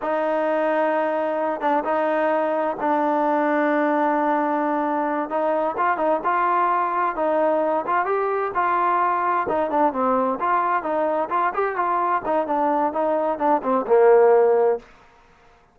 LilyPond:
\new Staff \with { instrumentName = "trombone" } { \time 4/4 \tempo 4 = 130 dis'2.~ dis'8 d'8 | dis'2 d'2~ | d'2.~ d'8 dis'8~ | dis'8 f'8 dis'8 f'2 dis'8~ |
dis'4 f'8 g'4 f'4.~ | f'8 dis'8 d'8 c'4 f'4 dis'8~ | dis'8 f'8 g'8 f'4 dis'8 d'4 | dis'4 d'8 c'8 ais2 | }